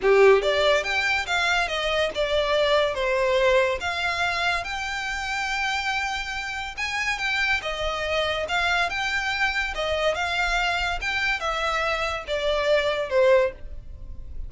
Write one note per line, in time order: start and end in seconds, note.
0.01 0.41 G4
0.41 0.83 D5
0.83 1.26 G5
1.26 1.68 F5
1.68 2.10 D#5
2.15 2.94 D5
2.94 3.79 C5
3.80 4.63 F5
4.63 6.75 G5
6.77 7.18 G#5
7.18 7.60 G5
7.62 8.46 D#5
8.48 8.89 F5
8.89 9.74 G5
9.74 10.14 D#5
10.14 10.99 F5
11.01 11.40 G5
11.40 12.24 E5
12.27 13.09 D5
13.09 13.52 C5